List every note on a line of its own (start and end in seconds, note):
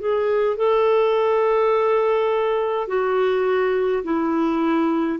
0.00 0.57 G#4
0.57 2.88 A4
2.88 4.03 F#4
4.04 5.19 E4